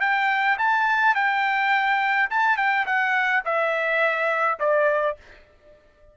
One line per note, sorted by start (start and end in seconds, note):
0.00 0.57 G5
0.58 1.15 A5
1.15 2.29 G5
2.30 2.57 A5
2.57 2.85 G5
2.86 3.43 F#5
3.44 4.59 E5
4.59 5.16 D5